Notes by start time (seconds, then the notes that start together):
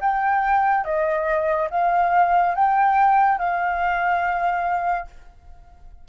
0.00 G5
0.84 D#5
1.70 F5
2.55 G5
3.38 F5